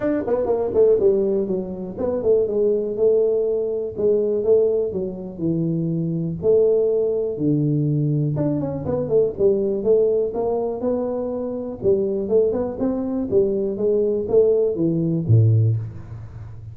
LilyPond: \new Staff \with { instrumentName = "tuba" } { \time 4/4 \tempo 4 = 122 d'8 b8 ais8 a8 g4 fis4 | b8 a8 gis4 a2 | gis4 a4 fis4 e4~ | e4 a2 d4~ |
d4 d'8 cis'8 b8 a8 g4 | a4 ais4 b2 | g4 a8 b8 c'4 g4 | gis4 a4 e4 a,4 | }